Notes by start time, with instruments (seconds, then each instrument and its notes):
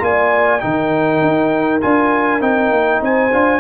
0.00 tuba A#3, trombone F4, horn D5, trumpet G#5
0.61 tuba D#3, trombone D#4, horn A#4, trumpet G5
1.22 tuba D#4
1.81 tuba D4, trombone F4, trumpet G#5
2.41 tuba C4, trombone D#4, trumpet G5
2.71 tuba A#3
3.02 tuba C4, horn C5, trumpet G#5
3.33 tuba D4, trombone F4